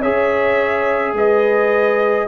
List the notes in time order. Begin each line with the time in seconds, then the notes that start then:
0.00 C#4 G#4 C#5 E5
1.13 G#3 B4 D#5